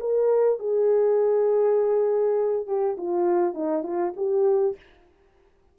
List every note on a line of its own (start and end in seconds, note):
0.00 0.59 A#4
0.59 2.67 G#4
2.67 2.97 G4
2.97 3.54 F4
3.54 3.83 D#4
3.83 4.13 F4
4.17 4.76 G4